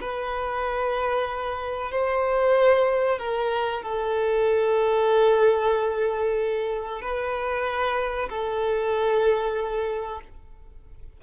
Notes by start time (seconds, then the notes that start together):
0.00 B4
1.91 C5
3.18 A#4
3.82 A4
7.01 B4
8.29 A4